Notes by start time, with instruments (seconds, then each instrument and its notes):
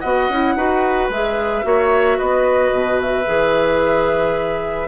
0.00 bassoon B3, clarinet F#4, oboe D#5, flute F#5
0.29 bassoon C#4, clarinet E4
0.56 bassoon D#4, clarinet F#4, oboe B4
1.09 bassoon G#3, clarinet G#4, flute E5
1.63 bassoon A#3, clarinet F#4, oboe C#5
2.18 bassoon B3, oboe B4, flute D#5
2.72 bassoon B2
3.01 flute E5
3.26 bassoon E3, clarinet G#4